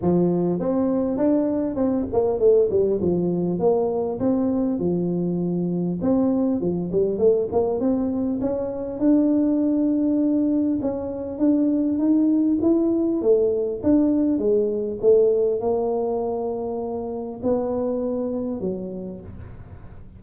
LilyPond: \new Staff \with { instrumentName = "tuba" } { \time 4/4 \tempo 4 = 100 f4 c'4 d'4 c'8 ais8 | a8 g8 f4 ais4 c'4 | f2 c'4 f8 g8 | a8 ais8 c'4 cis'4 d'4~ |
d'2 cis'4 d'4 | dis'4 e'4 a4 d'4 | gis4 a4 ais2~ | ais4 b2 fis4 | }